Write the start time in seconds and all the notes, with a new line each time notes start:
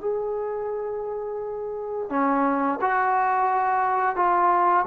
0.00 G#4
2.09 C#4
2.81 F#4
4.15 F4